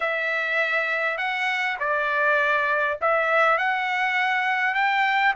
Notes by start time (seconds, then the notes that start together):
0.00 E5
1.17 F#5
1.79 D5
3.01 E5
3.58 F#5
4.74 G5